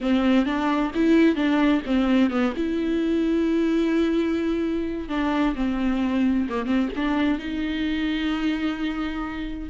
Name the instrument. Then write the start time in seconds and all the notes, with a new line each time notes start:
viola
0.00 C4
0.45 D4
0.94 E4
1.35 D4
1.86 C4
2.30 B3
2.56 E4
5.08 D4
5.55 C4
6.49 A#3
6.65 C4
6.96 D4
7.38 D#4